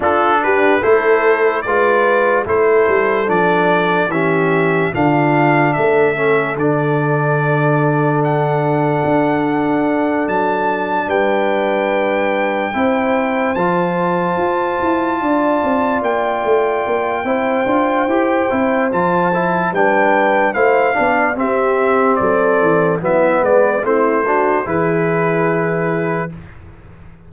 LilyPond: <<
  \new Staff \with { instrumentName = "trumpet" } { \time 4/4 \tempo 4 = 73 a'8 b'8 c''4 d''4 c''4 | d''4 e''4 f''4 e''4 | d''2 fis''2~ | fis''8 a''4 g''2~ g''8~ |
g''8 a''2. g''8~ | g''2. a''4 | g''4 f''4 e''4 d''4 | e''8 d''8 c''4 b'2 | }
  \new Staff \with { instrumentName = "horn" } { \time 4/4 f'8 g'8 a'4 b'4 a'4~ | a'4 g'4 f'4 a'4~ | a'1~ | a'4. b'2 c''8~ |
c''2~ c''8 d''4.~ | d''4 c''2. | b'4 c''8 d''8 g'4 a'4 | e'8 b'8 e'8 fis'8 gis'2 | }
  \new Staff \with { instrumentName = "trombone" } { \time 4/4 d'4 e'4 f'4 e'4 | d'4 cis'4 d'4. cis'8 | d'1~ | d'2.~ d'8 e'8~ |
e'8 f'2.~ f'8~ | f'4 e'8 f'8 g'8 e'8 f'8 e'8 | d'4 e'8 d'8 c'2 | b4 c'8 d'8 e'2 | }
  \new Staff \with { instrumentName = "tuba" } { \time 4/4 d'4 a4 gis4 a8 g8 | f4 e4 d4 a4 | d2. d'4~ | d'8 fis4 g2 c'8~ |
c'8 f4 f'8 e'8 d'8 c'8 ais8 | a8 ais8 c'8 d'8 e'8 c'8 f4 | g4 a8 b8 c'4 fis8 e8 | fis8 gis8 a4 e2 | }
>>